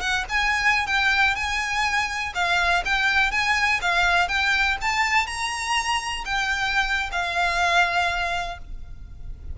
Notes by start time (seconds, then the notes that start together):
0.00 F#5
0.29 G#5
0.86 G5
1.35 G#5
2.34 F5
2.84 G5
3.31 G#5
3.81 F5
4.28 G5
4.81 A5
5.26 A#5
6.25 G5
7.12 F5